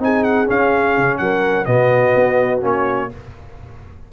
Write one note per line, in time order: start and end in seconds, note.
0.00 0.48 C4
0.00 0.47 D#4
0.00 1.22 G#4
0.00 0.24 G#5
0.24 0.48 F#5
0.47 1.66 C#4
0.47 0.98 C#4
0.47 1.18 F5
0.98 1.20 C#3
1.18 1.67 F#3
1.18 1.69 A#4
1.18 1.66 F#5
1.66 2.14 B2
1.66 2.62 B3
1.66 3.11 F#4
1.66 2.61 D#5
2.16 2.63 B3
2.62 3.11 A#3
2.62 3.09 C#4
2.62 3.13 C#5